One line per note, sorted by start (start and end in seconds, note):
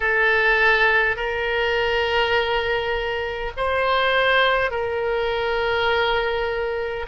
0.00 1.16 A4
1.16 3.51 A#4
3.56 4.71 C5
4.71 7.06 A#4